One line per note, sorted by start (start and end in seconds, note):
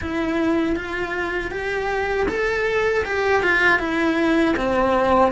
0.01 0.76 E4
0.76 1.51 F4
1.51 2.26 G4
2.28 3.04 A4
3.04 3.42 G4
3.42 3.79 F4
3.79 4.55 E4
4.56 5.32 C4